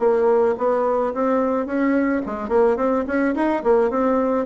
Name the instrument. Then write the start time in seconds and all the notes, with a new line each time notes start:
bassoon
0.00 A#3
0.58 B3
1.14 C4
1.66 C#4
2.26 G#3
2.49 A#3
2.77 C4
3.07 C#4
3.35 D#4
3.64 A#3
3.91 C4